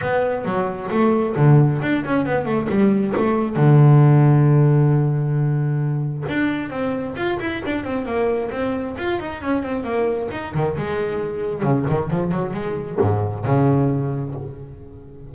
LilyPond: \new Staff \with { instrumentName = "double bass" } { \time 4/4 \tempo 4 = 134 b4 fis4 a4 d4 | d'8 cis'8 b8 a8 g4 a4 | d1~ | d2 d'4 c'4 |
f'8 e'8 d'8 c'8 ais4 c'4 | f'8 dis'8 cis'8 c'8 ais4 dis'8 dis8 | gis2 cis8 dis8 f8 fis8 | gis4 gis,4 cis2 | }